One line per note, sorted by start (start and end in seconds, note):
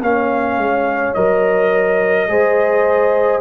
0.00 0.57 A#3
0.00 1.15 C#4
0.00 2.29 C#5
0.00 1.13 F5
0.57 1.13 G#3
1.13 2.28 F#3
1.13 2.28 A#4
1.13 3.40 D#5
2.28 3.40 G#3
2.28 3.40 G#4
2.28 3.40 C5